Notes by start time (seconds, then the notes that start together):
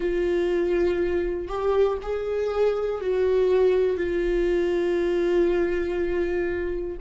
0.00 F4
1.48 G4
2.02 G#4
3.00 F#4
3.97 F4